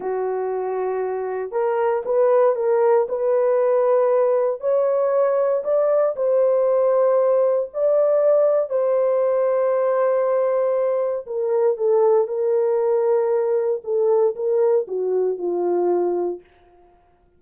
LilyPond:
\new Staff \with { instrumentName = "horn" } { \time 4/4 \tempo 4 = 117 fis'2. ais'4 | b'4 ais'4 b'2~ | b'4 cis''2 d''4 | c''2. d''4~ |
d''4 c''2.~ | c''2 ais'4 a'4 | ais'2. a'4 | ais'4 fis'4 f'2 | }